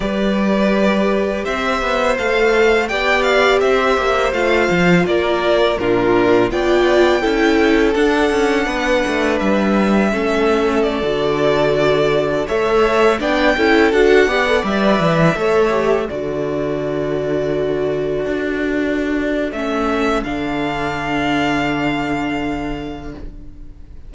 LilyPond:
<<
  \new Staff \with { instrumentName = "violin" } { \time 4/4 \tempo 4 = 83 d''2 e''4 f''4 | g''8 f''8 e''4 f''4 d''4 | ais'4 g''2 fis''4~ | fis''4 e''2 d''4~ |
d''4~ d''16 e''4 g''4 fis''8.~ | fis''16 e''2 d''4.~ d''16~ | d''2. e''4 | f''1 | }
  \new Staff \with { instrumentName = "violin" } { \time 4/4 b'2 c''2 | d''4 c''2 ais'4 | f'4 d''4 a'2 | b'2 a'2~ |
a'4~ a'16 cis''4 d''8 a'4 d''16~ | d''4~ d''16 cis''4 a'4.~ a'16~ | a'1~ | a'1 | }
  \new Staff \with { instrumentName = "viola" } { \time 4/4 g'2. a'4 | g'2 f'2 | d'4 f'4 e'4 d'4~ | d'2 cis'4~ cis'16 fis'8.~ |
fis'4~ fis'16 a'4 d'8 e'8 fis'8 g'16 | a'16 b'4 a'8 g'8 fis'4.~ fis'16~ | fis'2. cis'4 | d'1 | }
  \new Staff \with { instrumentName = "cello" } { \time 4/4 g2 c'8 b8 a4 | b4 c'8 ais8 a8 f8 ais4 | ais,4 b4 cis'4 d'8 cis'8 | b8 a8 g4 a4~ a16 d8.~ |
d4~ d16 a4 b8 cis'8 d'8 b16~ | b16 g8 e8 a4 d4.~ d16~ | d4~ d16 d'4.~ d'16 a4 | d1 | }
>>